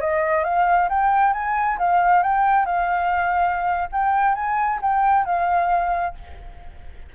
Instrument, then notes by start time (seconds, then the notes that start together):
flute
0.00 D#5
0.44 F5
0.89 G5
1.33 G#5
1.78 F5
2.23 G5
2.65 F5
3.92 G5
4.34 G#5
4.81 G5
5.25 F5